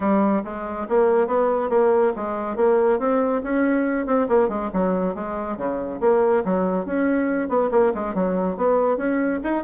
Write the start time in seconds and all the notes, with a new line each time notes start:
0.00 G3
0.44 G#3
0.89 A#3
1.27 B3
1.69 A#3
2.16 G#3
2.56 A#3
2.99 C4
3.43 C#4
4.06 C4
4.28 A#3
4.48 G#3
4.73 F#3
5.14 G#3
5.57 C#3
6.00 A#3
6.44 F#3
6.85 C#4
7.48 B3
7.71 A#3
7.94 G#3
8.14 F#3
8.56 B3
8.97 C#4
9.43 D#4